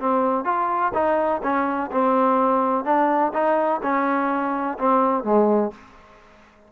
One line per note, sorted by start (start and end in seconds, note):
0.00 0.45 C4
0.45 0.92 F4
0.94 1.42 D#4
1.43 1.91 C#4
1.92 2.85 C4
2.85 3.32 D4
3.34 3.81 D#4
3.83 4.78 C#4
4.79 5.24 C4
5.24 5.72 G#3